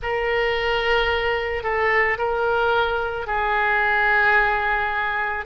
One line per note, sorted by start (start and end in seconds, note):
0.02 1.63 A#4
1.63 2.17 A4
2.18 3.27 A#4
3.27 5.45 G#4